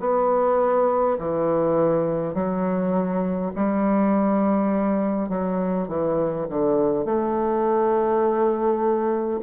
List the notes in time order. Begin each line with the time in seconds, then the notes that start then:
0.00 B3
1.19 E3
2.35 F#3
3.56 G3
5.29 F#3
5.88 E3
6.50 D3
7.05 A3